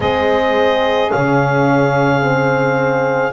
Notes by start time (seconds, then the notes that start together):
0.00 G#3 C4 G#4 D#5
1.10 C#3 C#4 F5
2.21 C4